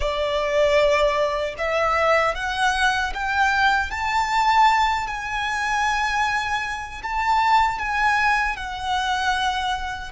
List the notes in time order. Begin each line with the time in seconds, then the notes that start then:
0.00 D5
1.58 E5
2.34 F#5
3.14 G5
3.90 A5
5.06 G#5
7.02 A5
7.79 G#5
8.56 F#5